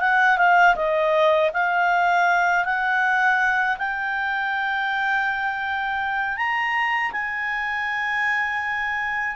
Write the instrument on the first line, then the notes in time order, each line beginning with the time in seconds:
clarinet
0.00 F#5
0.38 F5
0.76 D#5
1.53 F5
2.65 F#5
3.78 G5
6.37 A#5
7.12 G#5